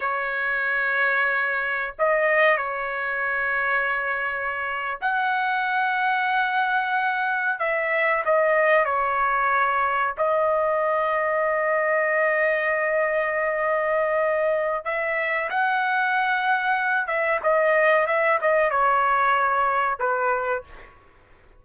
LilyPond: \new Staff \with { instrumentName = "trumpet" } { \time 4/4 \tempo 4 = 93 cis''2. dis''4 | cis''2.~ cis''8. fis''16~ | fis''2.~ fis''8. e''16~ | e''8. dis''4 cis''2 dis''16~ |
dis''1~ | dis''2. e''4 | fis''2~ fis''8 e''8 dis''4 | e''8 dis''8 cis''2 b'4 | }